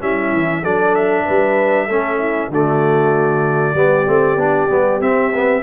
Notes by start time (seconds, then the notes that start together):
0.00 G3 C#4 E4 E5
0.32 E3
0.62 F#3 D4 A4 D5
0.95 E5
1.24 G3 B4
1.86 A3 C#4 A4
2.18 E4
2.49 D3 A3 F#4 D5
3.73 G3 B3 G4
4.06 A3 C4
4.36 B3 D4
4.69 G3 B3
5.00 C4 E5
5.34 B3